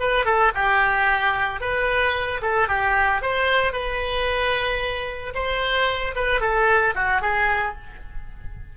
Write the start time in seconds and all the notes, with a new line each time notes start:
0.00 B4
0.26 A4
0.55 G4
1.61 B4
2.42 A4
2.68 G4
3.22 C5
3.73 B4
5.35 C5
6.15 B4
6.41 A4
6.95 F#4
7.22 G#4